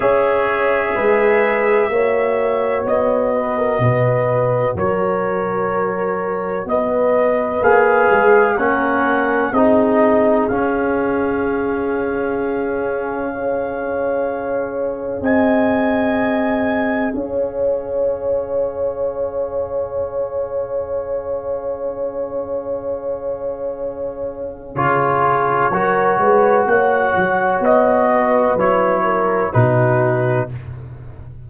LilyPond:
<<
  \new Staff \with { instrumentName = "trumpet" } { \time 4/4 \tempo 4 = 63 e''2. dis''4~ | dis''4 cis''2 dis''4 | f''4 fis''4 dis''4 f''4~ | f''1 |
gis''2 f''2~ | f''1~ | f''2 cis''2 | fis''4 dis''4 cis''4 b'4 | }
  \new Staff \with { instrumentName = "horn" } { \time 4/4 cis''4 b'4 cis''4. b'16 ais'16 | b'4 ais'2 b'4~ | b'4 ais'4 gis'2~ | gis'2 cis''2 |
dis''2 cis''2~ | cis''1~ | cis''2 gis'4 ais'8 b'8 | cis''4. b'4 ais'8 fis'4 | }
  \new Staff \with { instrumentName = "trombone" } { \time 4/4 gis'2 fis'2~ | fis'1 | gis'4 cis'4 dis'4 cis'4~ | cis'2 gis'2~ |
gis'1~ | gis'1~ | gis'2 f'4 fis'4~ | fis'2 e'4 dis'4 | }
  \new Staff \with { instrumentName = "tuba" } { \time 4/4 cis'4 gis4 ais4 b4 | b,4 fis2 b4 | ais8 gis8 ais4 c'4 cis'4~ | cis'1 |
c'2 cis'2~ | cis'1~ | cis'2 cis4 fis8 gis8 | ais8 fis8 b4 fis4 b,4 | }
>>